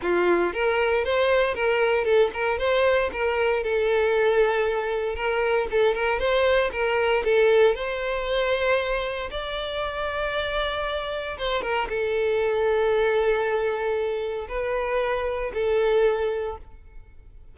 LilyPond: \new Staff \with { instrumentName = "violin" } { \time 4/4 \tempo 4 = 116 f'4 ais'4 c''4 ais'4 | a'8 ais'8 c''4 ais'4 a'4~ | a'2 ais'4 a'8 ais'8 | c''4 ais'4 a'4 c''4~ |
c''2 d''2~ | d''2 c''8 ais'8 a'4~ | a'1 | b'2 a'2 | }